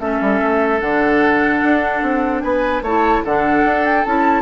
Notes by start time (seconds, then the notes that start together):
0.00 A3 C#4 A4 E5
0.21 G3
0.41 A3
0.80 D3 D4 F#5
1.64 D4
2.03 C4
2.41 B3 B4 G#5
2.82 A3 E4 C#5 A5
3.25 D3 D4 A4 F#5
3.65 D4
3.86 G5
4.05 C#4 E4 A5